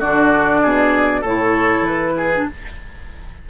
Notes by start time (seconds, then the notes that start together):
0.00 D3 D4 F#4 D5
0.62 B2 G#4
1.21 A2 E4 A4 C#5
1.82 E3 B4
2.17 G#4
2.35 D4